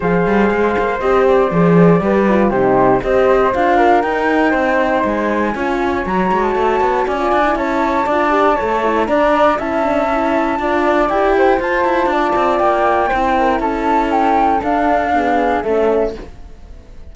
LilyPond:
<<
  \new Staff \with { instrumentName = "flute" } { \time 4/4 \tempo 4 = 119 f''2 dis''8 d''4.~ | d''4 c''4 dis''4 f''4 | g''2 gis''2 | ais''8. a''4~ a''16 gis''4 a''4~ |
a''2 ais''4 a''4~ | a''2 g''4 a''4~ | a''4 g''2 a''4 | g''4 f''2 e''4 | }
  \new Staff \with { instrumentName = "flute" } { \time 4/4 c''1 | b'4 g'4 c''4. ais'8~ | ais'4 c''2 cis''4~ | cis''2 d''4 cis''4 |
d''4 cis''4 d''4 e''4~ | e''4 d''4. c''4. | d''2 c''8 ais'8 a'4~ | a'2 gis'4 a'4 | }
  \new Staff \with { instrumentName = "horn" } { \time 4/4 gis'2 g'4 gis'4 | g'8 f'8 dis'4 g'4 f'4 | dis'2. f'4 | fis'2~ fis'16 f'8 e'4~ e'16 |
f'8 g'8 a'8 e'8 d'4 e'8 d'8 | e'4 f'4 g'4 f'4~ | f'2 e'2~ | e'4 d'4 b4 cis'4 | }
  \new Staff \with { instrumentName = "cello" } { \time 4/4 f8 g8 gis8 ais8 c'4 f4 | g4 c4 c'4 d'4 | dis'4 c'4 gis4 cis'4 | fis8 gis8 a8 b8 cis'8 d'8 cis'4 |
d'4 a4 d'4 cis'4~ | cis'4 d'4 e'4 f'8 e'8 | d'8 c'8 ais4 c'4 cis'4~ | cis'4 d'2 a4 | }
>>